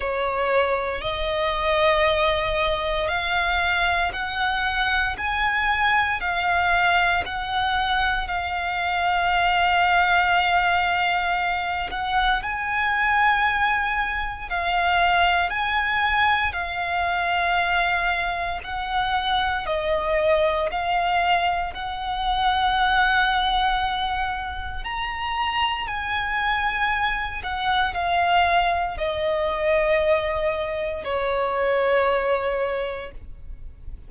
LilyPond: \new Staff \with { instrumentName = "violin" } { \time 4/4 \tempo 4 = 58 cis''4 dis''2 f''4 | fis''4 gis''4 f''4 fis''4 | f''2.~ f''8 fis''8 | gis''2 f''4 gis''4 |
f''2 fis''4 dis''4 | f''4 fis''2. | ais''4 gis''4. fis''8 f''4 | dis''2 cis''2 | }